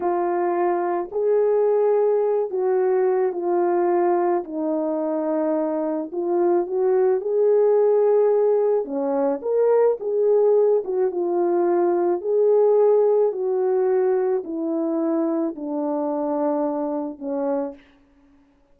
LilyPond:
\new Staff \with { instrumentName = "horn" } { \time 4/4 \tempo 4 = 108 f'2 gis'2~ | gis'8 fis'4. f'2 | dis'2. f'4 | fis'4 gis'2. |
cis'4 ais'4 gis'4. fis'8 | f'2 gis'2 | fis'2 e'2 | d'2. cis'4 | }